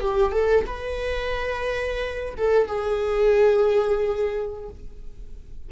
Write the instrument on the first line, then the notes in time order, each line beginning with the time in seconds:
viola
0.00 G4
0.31 A4
0.66 B4
2.37 A4
2.67 G#4